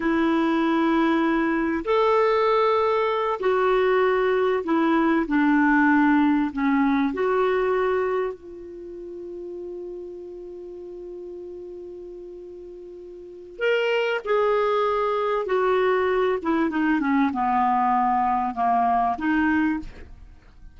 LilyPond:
\new Staff \with { instrumentName = "clarinet" } { \time 4/4 \tempo 4 = 97 e'2. a'4~ | a'4. fis'2 e'8~ | e'8 d'2 cis'4 fis'8~ | fis'4. f'2~ f'8~ |
f'1~ | f'2 ais'4 gis'4~ | gis'4 fis'4. e'8 dis'8 cis'8 | b2 ais4 dis'4 | }